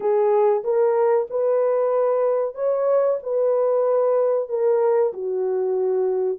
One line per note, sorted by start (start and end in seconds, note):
0.00 0.63 G#4
0.64 1.27 A#4
1.29 2.54 B4
2.54 3.18 C#5
3.22 4.49 B4
4.49 5.12 A#4
5.13 6.38 F#4